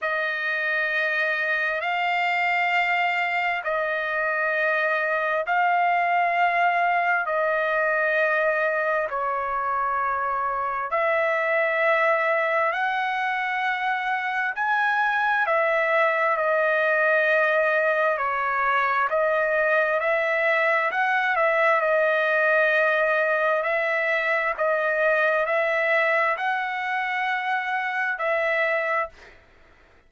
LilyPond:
\new Staff \with { instrumentName = "trumpet" } { \time 4/4 \tempo 4 = 66 dis''2 f''2 | dis''2 f''2 | dis''2 cis''2 | e''2 fis''2 |
gis''4 e''4 dis''2 | cis''4 dis''4 e''4 fis''8 e''8 | dis''2 e''4 dis''4 | e''4 fis''2 e''4 | }